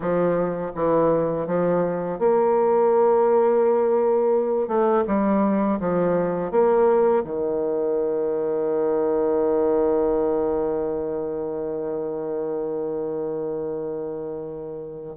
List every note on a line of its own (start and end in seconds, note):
0.00 0.71 F3
0.75 1.46 E3
1.46 2.18 F3
2.18 4.68 A#3
4.68 5.04 A3
5.07 5.79 G3
5.80 6.51 F3
6.51 7.23 A#3
7.24 15.16 D#3